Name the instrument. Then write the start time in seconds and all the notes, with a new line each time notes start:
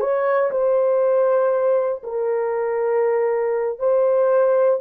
horn
0.00 C#5
0.51 C5
2.03 A#4
3.79 C5